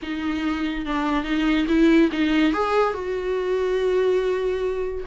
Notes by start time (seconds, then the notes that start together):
0.02 D#4
0.85 D4
1.24 D#4
1.67 E4
2.11 D#4
2.53 G#4
2.93 F#4